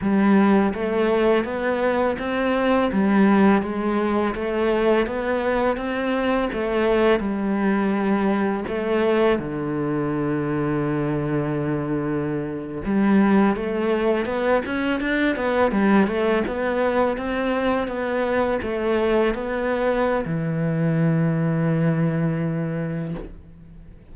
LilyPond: \new Staff \with { instrumentName = "cello" } { \time 4/4 \tempo 4 = 83 g4 a4 b4 c'4 | g4 gis4 a4 b4 | c'4 a4 g2 | a4 d2.~ |
d4.~ d16 g4 a4 b16~ | b16 cis'8 d'8 b8 g8 a8 b4 c'16~ | c'8. b4 a4 b4~ b16 | e1 | }